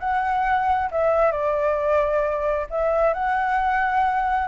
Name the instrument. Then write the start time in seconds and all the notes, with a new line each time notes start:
flute
0.00 F#5
0.91 E5
1.32 D5
2.70 E5
3.14 F#5